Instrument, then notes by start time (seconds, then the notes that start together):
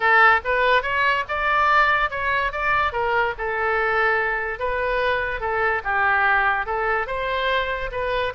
oboe
0.00 A4
0.44 B4
0.82 C#5
1.28 D5
2.10 C#5
2.52 D5
2.92 A#4
3.38 A4
4.59 B4
5.40 A4
5.83 G4
6.66 A4
7.06 C5
7.91 B4